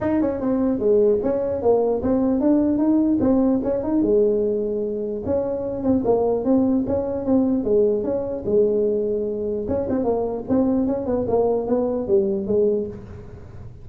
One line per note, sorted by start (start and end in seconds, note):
0.01 0.21 D#4
0.21 0.40 C#4
0.40 0.79 C4
0.79 1.19 G#3
1.22 1.61 C#4
1.61 2.02 A#3
2.02 2.40 C4
2.40 2.77 D4
2.77 3.18 D#4
3.20 3.60 C4
3.63 3.83 C#4
3.83 4.02 D#4
4.02 5.22 G#3
5.25 5.83 C#4
5.83 6.03 C4
6.04 6.44 A#3
6.44 6.84 C4
6.86 7.25 C#4
7.25 7.63 C4
7.63 8.03 G#3
8.03 8.43 C#4
8.45 9.66 G#3
9.68 9.88 C#4
9.89 10.04 C4
10.04 10.44 A#3
10.48 10.86 C4
10.86 11.06 C#4
11.06 11.26 B3
11.27 11.67 A#3
11.67 12.07 B3
12.07 12.46 G3
12.46 12.87 G#3